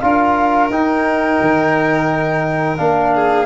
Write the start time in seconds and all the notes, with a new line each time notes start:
0.00 D4 F4 A#4 F5
0.69 D#4 G5
1.41 D#3
2.77 A#3 D4 F5
3.14 G#4